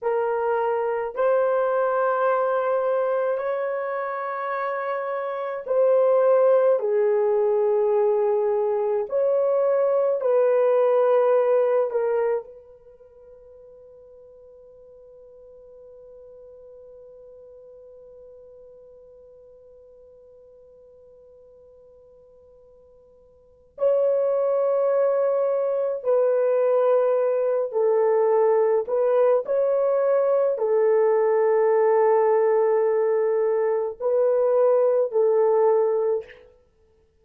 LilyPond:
\new Staff \with { instrumentName = "horn" } { \time 4/4 \tempo 4 = 53 ais'4 c''2 cis''4~ | cis''4 c''4 gis'2 | cis''4 b'4. ais'8 b'4~ | b'1~ |
b'1~ | b'4 cis''2 b'4~ | b'8 a'4 b'8 cis''4 a'4~ | a'2 b'4 a'4 | }